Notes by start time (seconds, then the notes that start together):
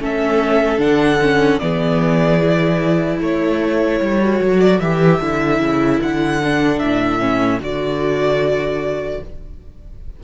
0.00 A3 C#4 A4 E5
0.78 D3 D4 F#5
1.22 C#4
1.59 E3 B3 G#4 D5
2.42 E4
3.20 A3 A4 C#5
4.00 G3
4.21 F#4
4.42 F#3
4.60 D5
4.80 E3 G4 E5
5.21 D3 E4
5.60 C#3
6.02 D3 F#5
6.43 D4
6.79 A2 E5
7.19 C#4
7.60 D3 F#4 D5